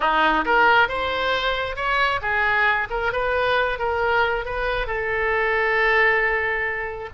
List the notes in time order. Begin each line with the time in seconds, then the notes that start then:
0.00 D#4
0.45 A#4
0.88 C5
1.76 C#5
2.21 G#4
2.90 A#4
3.12 B4
3.79 A#4
4.45 B4
4.87 A4